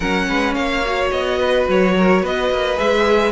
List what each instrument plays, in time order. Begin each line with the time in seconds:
0.00 cello F#3, viola C#4, violin A#4 F#5
0.28 cello G#3, violin B4
0.54 cello A#3, violin C#5 F5
0.85 viola F#4
1.11 cello B3, violin D#5
1.38 violin B4
1.68 cello F#3, violin C#5
1.97 violin A#4
2.22 cello B3, violin B4 D#5
2.50 cello A#3
2.76 cello G#3, viola G#4, violin E5